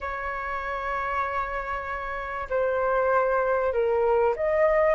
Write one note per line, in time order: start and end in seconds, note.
0.00 2.48 C#5
2.49 3.72 C5
3.72 4.34 A#4
4.36 4.95 D#5